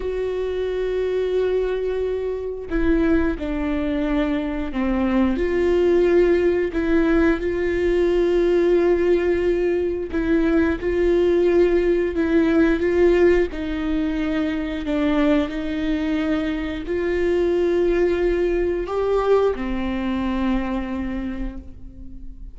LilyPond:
\new Staff \with { instrumentName = "viola" } { \time 4/4 \tempo 4 = 89 fis'1 | e'4 d'2 c'4 | f'2 e'4 f'4~ | f'2. e'4 |
f'2 e'4 f'4 | dis'2 d'4 dis'4~ | dis'4 f'2. | g'4 c'2. | }